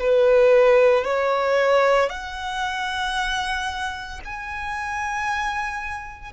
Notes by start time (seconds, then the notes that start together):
0.00 B4
1.05 C#5
2.10 F#5
4.25 G#5